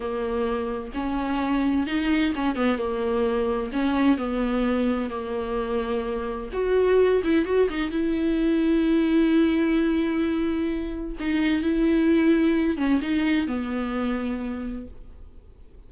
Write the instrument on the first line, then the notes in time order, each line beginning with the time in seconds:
viola
0.00 A#3
0.93 C#4
1.86 D#4
2.35 C#4
2.55 B3
2.78 A#3
3.72 C#4
4.17 B3
5.10 A#3
6.52 F#4
7.23 E4
7.45 F#4
7.69 D#4
7.90 E4
11.19 D#4
11.62 E4
12.77 C#4
13.01 D#4
13.47 B3